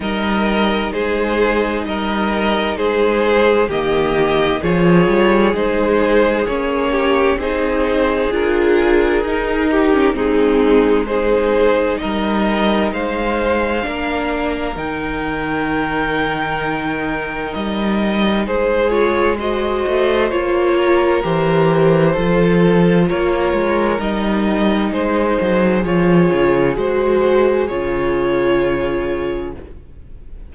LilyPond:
<<
  \new Staff \with { instrumentName = "violin" } { \time 4/4 \tempo 4 = 65 dis''4 c''4 dis''4 c''4 | dis''4 cis''4 c''4 cis''4 | c''4 ais'2 gis'4 | c''4 dis''4 f''2 |
g''2. dis''4 | c''8 cis''8 dis''4 cis''4 c''4~ | c''4 cis''4 dis''4 c''4 | cis''4 c''4 cis''2 | }
  \new Staff \with { instrumentName = "violin" } { \time 4/4 ais'4 gis'4 ais'4 gis'4 | g'4 gis'2~ gis'8 g'8 | gis'2~ gis'8 g'8 dis'4 | gis'4 ais'4 c''4 ais'4~ |
ais'1 | gis'4 c''4. ais'4. | a'4 ais'2 gis'4~ | gis'1 | }
  \new Staff \with { instrumentName = "viola" } { \time 4/4 dis'1 | ais4 f'4 dis'4 cis'4 | dis'4 f'4 dis'8. cis'16 c'4 | dis'2. d'4 |
dis'1~ | dis'8 f'8 fis'4 f'4 g'4 | f'2 dis'2 | f'4 fis'4 f'2 | }
  \new Staff \with { instrumentName = "cello" } { \time 4/4 g4 gis4 g4 gis4 | dis4 f8 g8 gis4 ais4 | c'4 d'4 dis'4 gis4~ | gis4 g4 gis4 ais4 |
dis2. g4 | gis4. a8 ais4 e4 | f4 ais8 gis8 g4 gis8 fis8 | f8 cis8 gis4 cis2 | }
>>